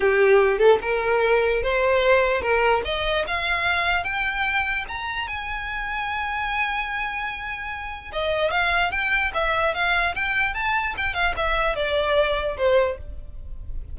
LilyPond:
\new Staff \with { instrumentName = "violin" } { \time 4/4 \tempo 4 = 148 g'4. a'8 ais'2 | c''2 ais'4 dis''4 | f''2 g''2 | ais''4 gis''2.~ |
gis''1 | dis''4 f''4 g''4 e''4 | f''4 g''4 a''4 g''8 f''8 | e''4 d''2 c''4 | }